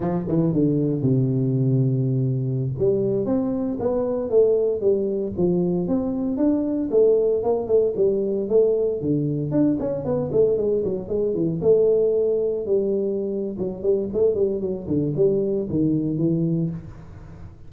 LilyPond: \new Staff \with { instrumentName = "tuba" } { \time 4/4 \tempo 4 = 115 f8 e8 d4 c2~ | c4~ c16 g4 c'4 b8.~ | b16 a4 g4 f4 c'8.~ | c'16 d'4 a4 ais8 a8 g8.~ |
g16 a4 d4 d'8 cis'8 b8 a16~ | a16 gis8 fis8 gis8 e8 a4.~ a16~ | a16 g4.~ g16 fis8 g8 a8 g8 | fis8 d8 g4 dis4 e4 | }